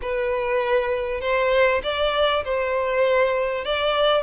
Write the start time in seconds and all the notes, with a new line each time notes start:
0.01 B4
1.20 C5
1.83 D5
2.44 C5
3.64 D5